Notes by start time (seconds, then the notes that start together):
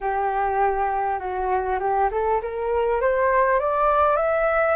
0.01 G4
1.19 F#4
1.79 G4
2.11 A4
2.42 A#4
3.00 C5
3.59 D5
4.16 E5